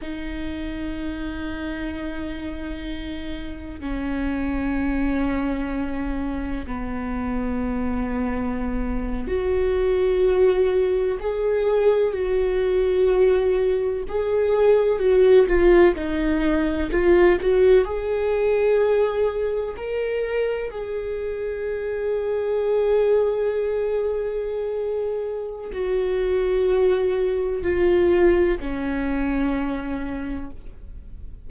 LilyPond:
\new Staff \with { instrumentName = "viola" } { \time 4/4 \tempo 4 = 63 dis'1 | cis'2. b4~ | b4.~ b16 fis'2 gis'16~ | gis'8. fis'2 gis'4 fis'16~ |
fis'16 f'8 dis'4 f'8 fis'8 gis'4~ gis'16~ | gis'8. ais'4 gis'2~ gis'16~ | gis'2. fis'4~ | fis'4 f'4 cis'2 | }